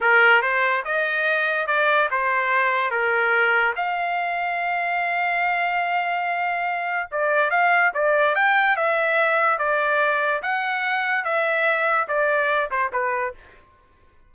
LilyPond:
\new Staff \with { instrumentName = "trumpet" } { \time 4/4 \tempo 4 = 144 ais'4 c''4 dis''2 | d''4 c''2 ais'4~ | ais'4 f''2.~ | f''1~ |
f''4 d''4 f''4 d''4 | g''4 e''2 d''4~ | d''4 fis''2 e''4~ | e''4 d''4. c''8 b'4 | }